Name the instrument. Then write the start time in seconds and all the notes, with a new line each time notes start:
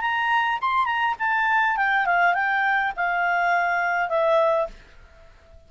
clarinet
0.00 A#5
0.61 C6
0.85 A#5
1.19 A5
1.76 G5
2.05 F5
2.34 G5
2.96 F5
4.09 E5